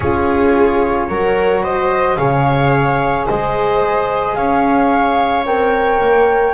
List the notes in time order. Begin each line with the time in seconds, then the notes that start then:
0.00 C#4 F4 G#4 C#5
1.08 F#3 F#4 A#4
1.63 C5 D#5
2.16 C#3 G#4 C#5 F5
3.26 G#3 C5 D#5
4.35 C#4 C#5 F5
5.45 C4 A#4 G5
6.00 A#3